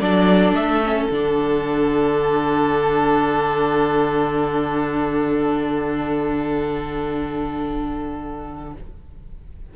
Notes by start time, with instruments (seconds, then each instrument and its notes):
0.00 cello F#3, viola D4, violin A4 D5
0.52 cello A3, violin E5
0.84 viola C#4
1.09 cello D3, viola D4, violin F#5